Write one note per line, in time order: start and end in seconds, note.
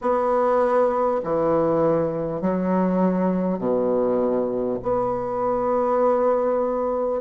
0.01 1.21 B3
1.23 2.41 E3
2.41 3.58 F#3
3.58 4.78 B2
4.82 7.21 B3